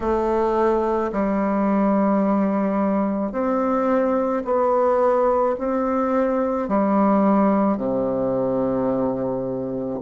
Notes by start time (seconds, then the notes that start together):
0.00 A3
1.12 G3
3.31 C4
4.44 B3
5.58 C4
6.68 G3
7.77 C3